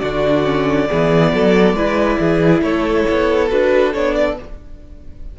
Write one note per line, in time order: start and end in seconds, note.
0.00 0.90 D3
0.00 0.45 D4
0.00 0.88 F#4
0.00 2.61 D5
0.45 0.88 C#4
0.89 1.34 E3
0.89 1.77 B3
0.89 1.33 G#4
1.34 1.74 F#3
1.34 1.76 A4
1.74 2.17 G#3
1.74 3.49 E4
1.74 2.19 B4
2.20 2.62 E3
2.20 2.64 G#4
2.62 3.05 A3
2.62 4.39 A4
2.62 3.49 C#5
3.10 3.52 B3
3.49 3.96 D4
3.49 3.92 F#4
3.49 3.93 B4
3.94 4.39 B3
3.94 4.38 D4
3.94 4.15 C#5
4.15 4.37 D5